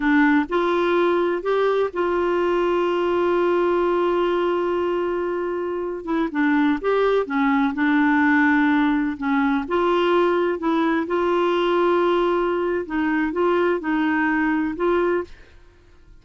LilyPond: \new Staff \with { instrumentName = "clarinet" } { \time 4/4 \tempo 4 = 126 d'4 f'2 g'4 | f'1~ | f'1~ | f'8. e'8 d'4 g'4 cis'8.~ |
cis'16 d'2. cis'8.~ | cis'16 f'2 e'4 f'8.~ | f'2. dis'4 | f'4 dis'2 f'4 | }